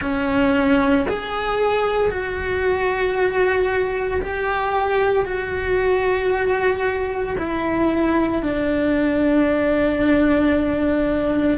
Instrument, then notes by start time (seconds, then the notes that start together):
cello
0.00 C#4
1.08 G#4
2.10 F#4
4.21 G4
5.25 F#4
7.38 E4
8.42 D4